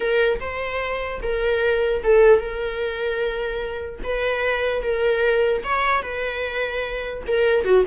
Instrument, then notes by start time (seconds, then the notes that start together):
viola
0.00 A#4
0.40 C5
1.22 A#4
2.03 A4
2.39 A#4
4.03 B4
4.82 A#4
5.64 C#5
6.02 B4
7.27 A#4
7.64 F#4